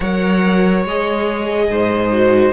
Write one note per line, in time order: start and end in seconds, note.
0.00 0.84 F#3
0.00 0.86 A#4
0.00 1.66 C#5
0.00 0.84 F#5
0.84 1.68 G#3
0.84 2.12 G#4
0.84 2.53 D#5
1.69 2.53 G#2
1.69 2.53 C5
2.12 2.53 F#4